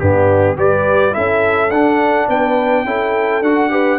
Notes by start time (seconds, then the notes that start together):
0.00 G2 B3 D4 G4
0.57 G3 G4 B4 D5
1.12 C#4 E4 A4 E5
1.70 D4 F#5
2.29 B3 B4 G5
2.85 C#4 E4 A4
3.42 D4 F#4 F#5
3.70 G4 B4